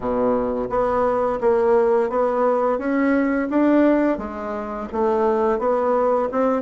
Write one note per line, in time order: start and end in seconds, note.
0.00 0.68 B2
0.69 1.39 B3
1.40 2.09 A#3
2.09 2.78 B3
2.78 3.48 C#4
3.49 4.18 D4
4.18 4.87 G#3
4.92 5.58 A3
5.58 6.28 B3
6.31 6.62 C4